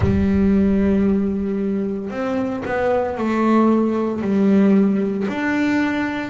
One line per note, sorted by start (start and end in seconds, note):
0.00 2.10 G3
2.10 2.63 C4
2.65 3.17 B3
3.17 4.21 A3
4.21 5.26 G3
5.28 6.30 D4